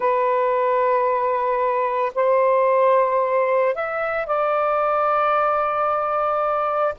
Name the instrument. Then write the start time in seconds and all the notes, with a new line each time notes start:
saxophone
0.00 B4
2.14 C5
3.75 E5
4.26 D5